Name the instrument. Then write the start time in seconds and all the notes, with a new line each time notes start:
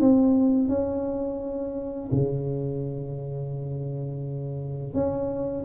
tuba
0.00 C4
0.68 C#4
2.12 C#3
4.94 C#4